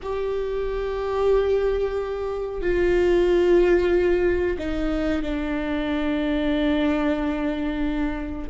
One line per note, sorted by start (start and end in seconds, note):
0.02 2.61 G4
2.61 4.57 F4
4.58 5.22 D#4
5.22 8.48 D4